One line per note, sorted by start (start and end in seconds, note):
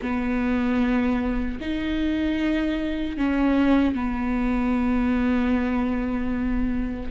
0.01 1.59 B3
1.60 3.17 D#4
3.17 3.94 C#4
3.94 7.10 B3